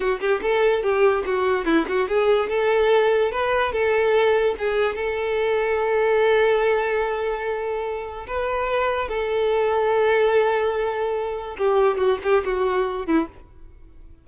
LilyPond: \new Staff \with { instrumentName = "violin" } { \time 4/4 \tempo 4 = 145 fis'8 g'8 a'4 g'4 fis'4 | e'8 fis'8 gis'4 a'2 | b'4 a'2 gis'4 | a'1~ |
a'1 | b'2 a'2~ | a'1 | g'4 fis'8 g'8 fis'4. e'8 | }